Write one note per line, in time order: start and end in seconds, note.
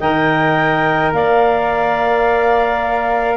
0.00 1.12 D#3
0.00 3.37 A#4
0.00 1.13 D#5
0.00 1.14 G5
1.12 3.37 A#3
1.12 3.37 D5
1.12 3.37 F5